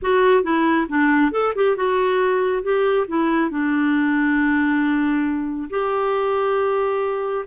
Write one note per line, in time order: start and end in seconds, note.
0.02 0.43 F#4
0.43 0.87 E4
0.88 1.31 D4
1.31 1.53 A4
1.55 1.76 G4
1.76 2.63 F#4
2.63 3.06 G4
3.07 3.50 E4
3.50 5.69 D4
5.70 7.45 G4